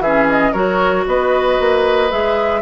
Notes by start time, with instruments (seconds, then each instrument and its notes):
0.00 bassoon E3, clarinet C#4, oboe G#4, flute E5
0.30 flute D#5
0.53 bassoon F#3, clarinet F#4, oboe A#4, flute C#5
1.07 bassoon B3, oboe B4, flute D#5
1.60 bassoon A#3
2.10 bassoon G#3, clarinet G#4, flute E5